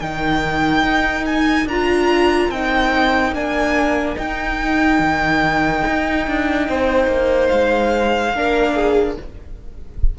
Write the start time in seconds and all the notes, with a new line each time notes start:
0.00 D#3 D#4 A#4 G5
0.84 D#4
1.26 G#5
1.66 D4 F4 A#5
2.49 C4 D#4 G5
3.33 A#3 D4 G#5
4.16 D#4 G5
4.99 D#3
5.88 D#4
6.27 D4
6.69 C4 C5
7.07 A#3
7.48 G#3 F5
8.34 A#3 D4 A#4
8.75 G#4